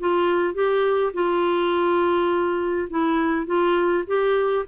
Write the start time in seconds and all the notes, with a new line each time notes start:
0.00 F4
0.55 G4
1.14 F4
2.90 E4
3.46 F4
4.07 G4